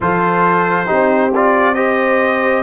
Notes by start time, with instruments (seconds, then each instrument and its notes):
0.00 tuba F3, trombone F4, horn A4, trumpet C5
0.86 tuba C4, trombone D#4, horn G4
1.35 trombone F4, trumpet D5
1.74 trombone G4, horn C5, trumpet D#5